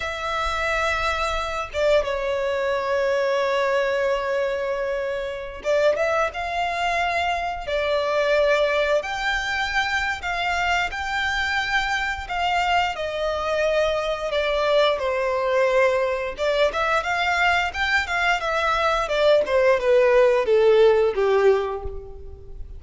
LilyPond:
\new Staff \with { instrumentName = "violin" } { \time 4/4 \tempo 4 = 88 e''2~ e''8 d''8 cis''4~ | cis''1~ | cis''16 d''8 e''8 f''2 d''8.~ | d''4~ d''16 g''4.~ g''16 f''4 |
g''2 f''4 dis''4~ | dis''4 d''4 c''2 | d''8 e''8 f''4 g''8 f''8 e''4 | d''8 c''8 b'4 a'4 g'4 | }